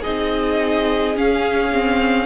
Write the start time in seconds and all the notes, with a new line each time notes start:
0.00 C4 D#4 G#4 D#5
1.15 C#4 F5
1.72 C4